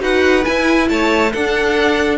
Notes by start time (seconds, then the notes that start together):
0.00 D#4 F#4 B4 F#5
0.43 E4 G#5
0.89 A3 C#5 A5
1.32 D4 A4 F#5